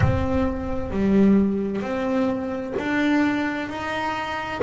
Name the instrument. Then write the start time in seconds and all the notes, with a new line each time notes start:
double bass
0.00 C4
0.91 G3
1.81 C4
2.78 D4
3.69 D#4